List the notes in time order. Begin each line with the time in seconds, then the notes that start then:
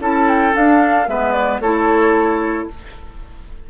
0.00 C#4 E4 A4 A5
0.29 G5
0.53 D4 F5
1.08 G#3 B3 B4 E5
1.32 D5
1.60 A3 E4 A4 C#5